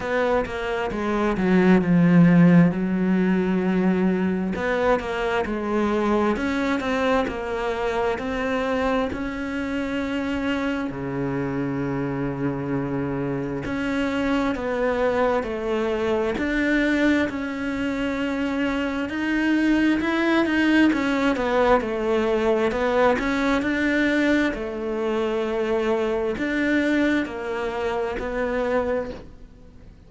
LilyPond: \new Staff \with { instrumentName = "cello" } { \time 4/4 \tempo 4 = 66 b8 ais8 gis8 fis8 f4 fis4~ | fis4 b8 ais8 gis4 cis'8 c'8 | ais4 c'4 cis'2 | cis2. cis'4 |
b4 a4 d'4 cis'4~ | cis'4 dis'4 e'8 dis'8 cis'8 b8 | a4 b8 cis'8 d'4 a4~ | a4 d'4 ais4 b4 | }